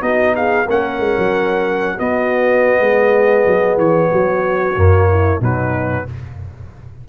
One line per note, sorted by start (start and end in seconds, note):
0.00 0.67 B3
0.00 0.65 D#4
0.00 0.35 F#4
0.00 0.35 D#5
0.35 0.65 G#4
0.35 0.68 F5
0.65 0.99 A#3
0.65 1.98 C#4
0.65 1.96 A#4
0.65 1.99 F#5
0.99 1.16 G#3
1.18 1.99 F#3
1.98 4.75 B3
1.98 2.80 B3
1.98 2.80 F#4
1.98 3.78 D#5
2.80 3.45 G#3
2.80 4.11 G#4
3.46 3.77 F#3
3.77 4.10 E3
3.77 5.42 C#5
4.11 4.76 F#3
4.11 5.09 F#4
4.76 5.40 F#2
4.76 5.41 A#3
5.10 5.40 E4
5.40 6.06 B2
5.40 6.07 F#3
5.40 6.05 D#4
5.40 6.09 B4